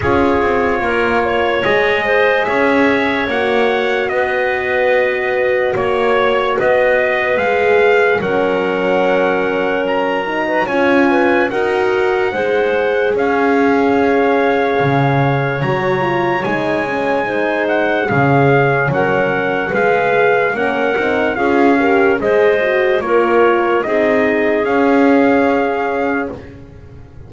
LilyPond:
<<
  \new Staff \with { instrumentName = "trumpet" } { \time 4/4 \tempo 4 = 73 cis''2 dis''4 e''4 | fis''4 dis''2 cis''4 | dis''4 f''4 fis''2 | ais''4 gis''4 fis''2 |
f''2. ais''4 | gis''4. fis''8 f''4 fis''4 | f''4 fis''4 f''4 dis''4 | cis''4 dis''4 f''2 | }
  \new Staff \with { instrumentName = "clarinet" } { \time 4/4 gis'4 ais'8 cis''4 c''8 cis''4~ | cis''4 b'2 cis''4 | b'2 ais'2~ | ais'8. b'16 cis''8 b'8 ais'4 c''4 |
cis''1~ | cis''4 c''4 gis'4 ais'4 | b'4 ais'4 gis'8 ais'8 c''4 | ais'4 gis'2. | }
  \new Staff \with { instrumentName = "horn" } { \time 4/4 f'2 gis'2 | fis'1~ | fis'4 gis'4 cis'2~ | cis'8 dis'8 f'4 fis'4 gis'4~ |
gis'2. fis'8 f'8 | dis'8 cis'8 dis'4 cis'2 | gis'4 cis'8 dis'8 f'8 g'8 gis'8 fis'8 | f'4 dis'4 cis'2 | }
  \new Staff \with { instrumentName = "double bass" } { \time 4/4 cis'8 c'8 ais4 gis4 cis'4 | ais4 b2 ais4 | b4 gis4 fis2~ | fis4 cis'4 dis'4 gis4 |
cis'2 cis4 fis4 | gis2 cis4 fis4 | gis4 ais8 c'8 cis'4 gis4 | ais4 c'4 cis'2 | }
>>